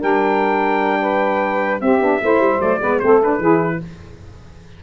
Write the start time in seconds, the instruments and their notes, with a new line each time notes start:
0.00 tuba G3, saxophone D4 A#4, trumpet G5
1.01 saxophone B4
1.81 saxophone C4 G4, tuba C4, trumpet E5
2.01 tuba B3, saxophone D4
2.22 tuba A3, saxophone E4 C5
2.39 tuba G3
2.59 tuba F#3, saxophone A3, trumpet D5
2.81 tuba G#3, saxophone B3 B4
3.00 tuba A3, saxophone C4 A4, trumpet C5
3.22 saxophone D4, trumpet B4
3.38 tuba E3, saxophone E4 G#4